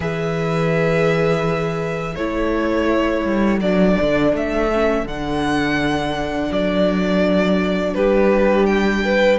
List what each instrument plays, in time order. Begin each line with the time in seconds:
0.00 cello E3, viola G#4, violin B4 E5
2.15 cello A3, viola E4, violin A4 C#5
3.24 cello G3
3.60 cello F#3, viola D4, violin D5
4.01 cello D3
4.33 cello A3, violin E5
4.72 viola C#4
5.04 cello D3, viola D4, violin F#5
6.51 cello F#3, violin D5
7.94 cello G3, violin G4 B4
8.66 violin G5
9.04 violin B4